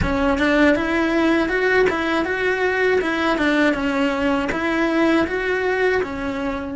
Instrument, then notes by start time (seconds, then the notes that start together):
cello
0.02 C#4
0.38 D4
0.75 E4
1.48 F#4
1.89 E4
2.25 F#4
3.01 E4
3.37 D4
3.74 C#4
4.51 E4
5.27 F#4
6.02 C#4